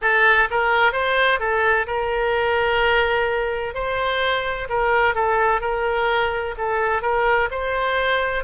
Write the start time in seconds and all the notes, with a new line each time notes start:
0.01 A4
0.50 A#4
0.92 C5
1.39 A4
1.87 A#4
3.74 C5
4.69 A#4
5.14 A4
5.60 A#4
6.57 A4
7.02 A#4
7.50 C5